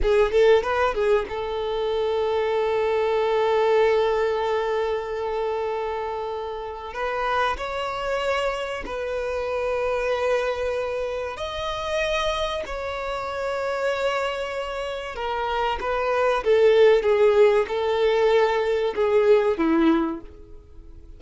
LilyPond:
\new Staff \with { instrumentName = "violin" } { \time 4/4 \tempo 4 = 95 gis'8 a'8 b'8 gis'8 a'2~ | a'1~ | a'2. b'4 | cis''2 b'2~ |
b'2 dis''2 | cis''1 | ais'4 b'4 a'4 gis'4 | a'2 gis'4 e'4 | }